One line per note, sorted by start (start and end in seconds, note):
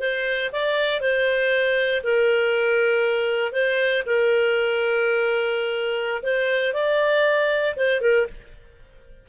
0.00 0.51 C5
0.52 1.01 D5
1.01 2.03 C5
2.04 3.53 A#4
3.53 4.04 C5
4.07 6.23 A#4
6.23 6.74 C5
6.74 7.76 D5
7.77 8.02 C5
8.02 8.27 A#4